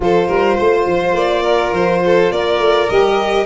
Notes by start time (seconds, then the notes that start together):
0.00 F3 F4 A4 C5
0.28 G3 A#4
0.58 A3 C5
0.86 F3
1.12 A#3 D5
1.42 A#4
1.72 F3 C5
2.05 A4
2.31 A#3 A#4 D5
2.58 A3
2.88 G3 G4 D#5